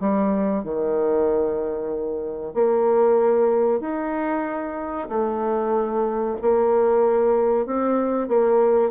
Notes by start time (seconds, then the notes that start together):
0.00 G3
0.64 D#3
2.54 A#3
3.81 D#4
5.09 A3
6.41 A#3
7.66 C4
8.28 A#3